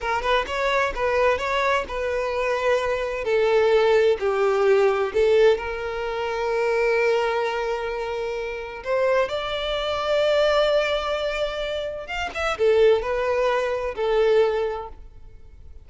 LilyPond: \new Staff \with { instrumentName = "violin" } { \time 4/4 \tempo 4 = 129 ais'8 b'8 cis''4 b'4 cis''4 | b'2. a'4~ | a'4 g'2 a'4 | ais'1~ |
ais'2. c''4 | d''1~ | d''2 f''8 e''8 a'4 | b'2 a'2 | }